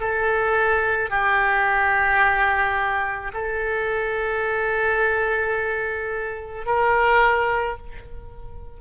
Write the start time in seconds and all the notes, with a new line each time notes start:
0.00 A4
1.10 G4
3.33 A4
6.66 A#4